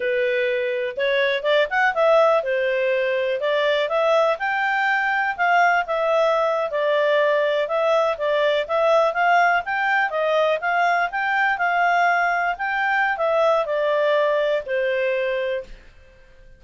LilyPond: \new Staff \with { instrumentName = "clarinet" } { \time 4/4 \tempo 4 = 123 b'2 cis''4 d''8 fis''8 | e''4 c''2 d''4 | e''4 g''2 f''4 | e''4.~ e''16 d''2 e''16~ |
e''8. d''4 e''4 f''4 g''16~ | g''8. dis''4 f''4 g''4 f''16~ | f''4.~ f''16 g''4~ g''16 e''4 | d''2 c''2 | }